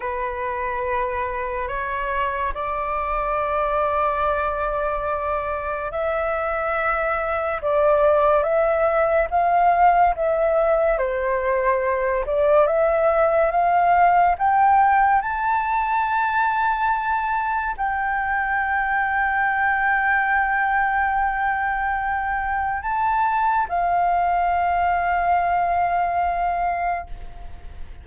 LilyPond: \new Staff \with { instrumentName = "flute" } { \time 4/4 \tempo 4 = 71 b'2 cis''4 d''4~ | d''2. e''4~ | e''4 d''4 e''4 f''4 | e''4 c''4. d''8 e''4 |
f''4 g''4 a''2~ | a''4 g''2.~ | g''2. a''4 | f''1 | }